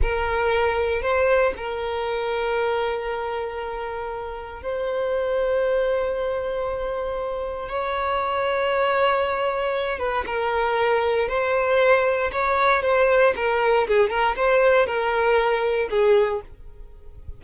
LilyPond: \new Staff \with { instrumentName = "violin" } { \time 4/4 \tempo 4 = 117 ais'2 c''4 ais'4~ | ais'1~ | ais'4 c''2.~ | c''2. cis''4~ |
cis''2.~ cis''8 b'8 | ais'2 c''2 | cis''4 c''4 ais'4 gis'8 ais'8 | c''4 ais'2 gis'4 | }